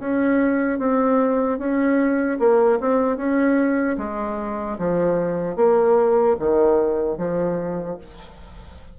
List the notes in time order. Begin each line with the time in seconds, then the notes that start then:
0.00 C#4
0.79 C4
1.59 C#4
2.39 A#3
2.80 C4
3.17 C#4
3.98 G#3
4.79 F3
5.56 A#3
6.40 D#3
7.18 F3